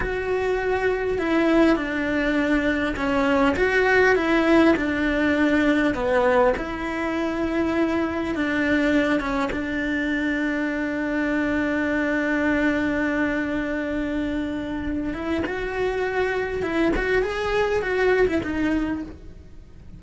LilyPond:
\new Staff \with { instrumentName = "cello" } { \time 4/4 \tempo 4 = 101 fis'2 e'4 d'4~ | d'4 cis'4 fis'4 e'4 | d'2 b4 e'4~ | e'2 d'4. cis'8 |
d'1~ | d'1~ | d'4. e'8 fis'2 | e'8 fis'8 gis'4 fis'8. e'16 dis'4 | }